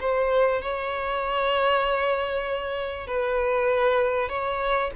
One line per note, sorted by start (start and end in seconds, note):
0.00 0.62 C5
0.62 3.07 C#5
3.07 4.29 B4
4.29 4.91 C#5